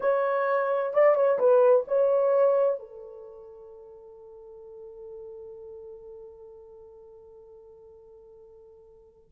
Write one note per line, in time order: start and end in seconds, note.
0.00 0.93 C#5
0.93 1.15 D5
1.15 1.38 C#5
1.38 1.85 B4
1.87 2.79 C#5
2.79 9.30 A4